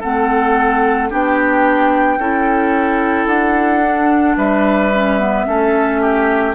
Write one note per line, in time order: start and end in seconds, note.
0.00 1.12 A3
0.00 1.10 C4
0.00 1.09 A4
0.00 1.11 F#5
1.10 2.18 B3
1.10 2.20 D4
1.10 2.19 G4
1.10 3.27 G5
2.18 3.26 C#4
2.18 3.83 E4
2.18 4.37 A4
3.26 4.35 D4
3.26 4.36 F#5
3.83 4.92 D4
4.37 5.46 G3
4.37 5.46 B4
4.37 6.55 E5
4.94 5.19 C#4
5.19 5.47 B3
5.47 6.55 A3
5.47 6.55 C#4
5.47 6.01 A4
6.01 6.55 G4